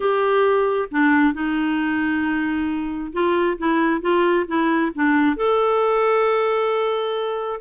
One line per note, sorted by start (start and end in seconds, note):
0.00 0.88 G4
0.91 1.33 D4
1.33 3.12 D#4
3.13 3.57 F4
3.58 4.01 E4
4.01 4.46 F4
4.47 4.92 E4
4.95 5.36 D4
5.36 7.60 A4